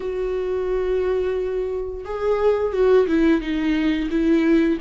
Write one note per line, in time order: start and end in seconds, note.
0.00 2.04 F#4
2.05 2.72 G#4
2.72 3.07 F#4
3.07 3.41 E4
3.41 4.09 D#4
4.10 4.78 E4